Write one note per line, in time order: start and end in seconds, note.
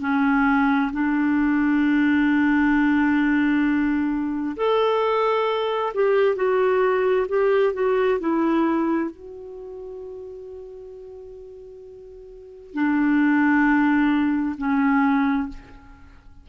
0.00 0.91 C#4
0.92 4.56 D4
4.57 5.93 A4
5.94 6.36 G4
6.36 7.26 F#4
7.28 7.73 G4
7.73 8.19 F#4
8.19 9.10 E4
9.10 12.74 F#4
12.74 14.55 D4
14.57 15.48 C#4